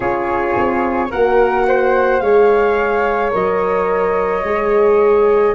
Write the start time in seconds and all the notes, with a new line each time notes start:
0.00 C#4 F4 G#4 C#5
0.56 C4
1.10 A#3 F#4 A#4 F#5
1.67 C5
2.19 G#3 G#4 C#5 F5
3.31 F#3 A#4 D#5
4.43 G#3 G#4